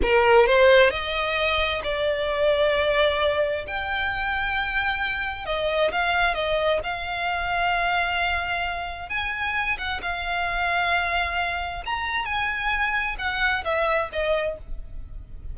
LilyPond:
\new Staff \with { instrumentName = "violin" } { \time 4/4 \tempo 4 = 132 ais'4 c''4 dis''2 | d''1 | g''1 | dis''4 f''4 dis''4 f''4~ |
f''1 | gis''4. fis''8 f''2~ | f''2 ais''4 gis''4~ | gis''4 fis''4 e''4 dis''4 | }